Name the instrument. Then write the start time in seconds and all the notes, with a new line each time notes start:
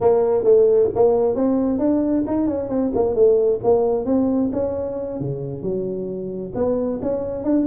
tuba
0.00 A#3
0.44 A3
0.95 A#3
1.35 C4
1.78 D4
2.26 D#4
2.47 C#4
2.69 C4
2.94 A#3
3.14 A3
3.63 A#3
4.05 C4
4.52 C#4
5.20 C#3
5.62 F#3
6.54 B3
7.02 C#4
7.44 D4